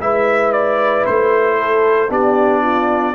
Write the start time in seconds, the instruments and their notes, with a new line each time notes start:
0.00 tuba G#3, trombone E4, horn B4, trumpet E5
0.53 trumpet D5
1.06 tuba A3, trumpet C5
1.58 horn A4
2.09 tuba B3, trombone D4, horn G4, trumpet D5
2.62 horn F4